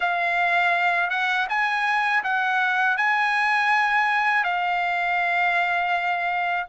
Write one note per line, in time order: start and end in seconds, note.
0.00 1.10 F5
1.10 1.47 F#5
1.49 2.23 G#5
2.23 2.97 F#5
2.97 4.44 G#5
4.44 6.66 F5